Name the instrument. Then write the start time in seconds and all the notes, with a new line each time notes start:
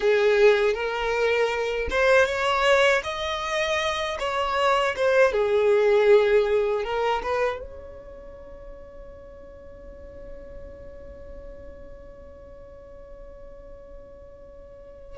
violin
0.00 G#4
0.74 A#4
1.90 C5
2.26 C#5
3.03 D#5
4.19 C#5
4.96 C5
5.32 G#4
6.84 A#4
7.23 B4
7.59 C#5